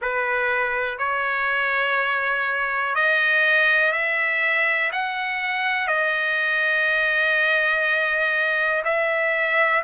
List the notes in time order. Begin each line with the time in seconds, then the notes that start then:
0.01 B4
0.98 C#5
2.95 D#5
3.92 E5
4.92 F#5
5.87 D#5
8.84 E5